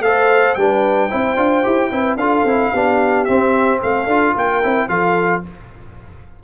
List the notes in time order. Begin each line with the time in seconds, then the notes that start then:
0.00 A3 A4 C5 F5
0.54 G3 D4 B4 G5
1.09 C4 E4 C5
1.36 D4 F4
1.63 E4 G4
1.90 C4 E4 B4
2.16 D4 F4 A4 F5
2.44 C4 E4
2.72 B3 D4 G4
3.25 C4 E5
3.81 A3 A4 F5
4.06 D4 F4
4.34 A#3 A#4 G5
4.63 C4 E4
4.88 F3 F4 A4 F5